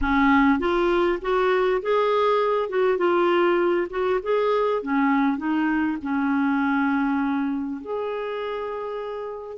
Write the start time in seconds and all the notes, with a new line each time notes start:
0.01 C#4
0.59 F4
1.21 F#4
1.82 G#4
2.69 F#4
2.97 F4
3.90 F#4
4.22 G#4
4.82 C#4
5.37 D#4
6.02 C#4
7.81 G#4